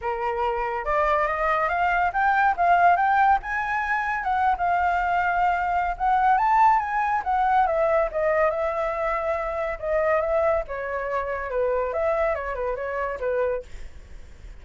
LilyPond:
\new Staff \with { instrumentName = "flute" } { \time 4/4 \tempo 4 = 141 ais'2 d''4 dis''4 | f''4 g''4 f''4 g''4 | gis''2 fis''8. f''4~ f''16~ | f''2 fis''4 a''4 |
gis''4 fis''4 e''4 dis''4 | e''2. dis''4 | e''4 cis''2 b'4 | e''4 cis''8 b'8 cis''4 b'4 | }